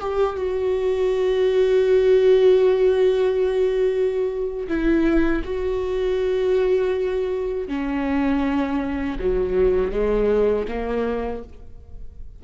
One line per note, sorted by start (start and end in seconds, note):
0.00 0.36 G4
0.36 4.68 F#4
4.68 5.43 E4
5.45 7.68 F#4
7.68 9.18 C#4
9.19 9.92 F#3
9.92 10.67 G#3
10.68 11.43 A#3